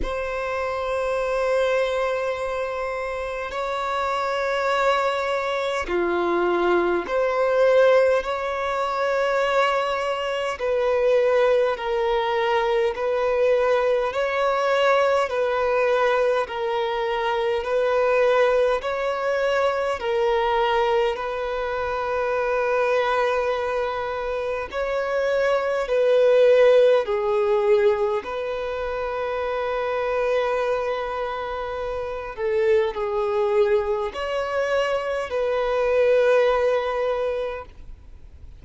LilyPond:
\new Staff \with { instrumentName = "violin" } { \time 4/4 \tempo 4 = 51 c''2. cis''4~ | cis''4 f'4 c''4 cis''4~ | cis''4 b'4 ais'4 b'4 | cis''4 b'4 ais'4 b'4 |
cis''4 ais'4 b'2~ | b'4 cis''4 b'4 gis'4 | b'2.~ b'8 a'8 | gis'4 cis''4 b'2 | }